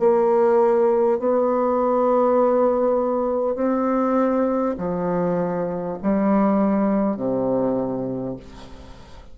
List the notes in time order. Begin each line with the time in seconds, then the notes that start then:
0.00 A#3
1.19 B3
3.56 C4
4.78 F3
6.03 G3
7.17 C3